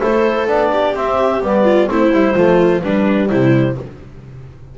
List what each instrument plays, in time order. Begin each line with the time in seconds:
0.00 double bass A3, trombone E4, viola A4, clarinet C5
0.47 double bass B3, trombone D4, clarinet D5
0.72 viola G4
0.94 trombone C4, double bass C4, clarinet E5
1.42 double bass G3, trombone B3, clarinet D5
1.64 viola F4
1.87 double bass A3, trombone C4, viola E4, clarinet C5
2.12 double bass G3, trombone E4
2.34 double bass F3, trombone A3, viola F4
2.81 trombone G3, double bass G3, viola D4, clarinet B4
3.28 double bass C3, viola E4, clarinet C5